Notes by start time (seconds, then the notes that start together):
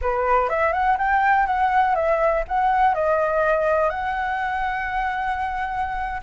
0.01 B4
0.49 E5
0.72 F#5
0.98 G5
1.46 F#5
1.95 E5
2.48 F#5
2.94 D#5
3.89 F#5